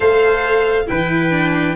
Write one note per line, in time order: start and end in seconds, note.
0.00 0.87 A3
0.00 0.86 A4
0.00 0.86 C5
0.00 0.87 F5
0.86 1.75 E3
0.86 1.30 E4
0.86 1.75 B4
0.86 1.75 G5
1.30 1.74 D4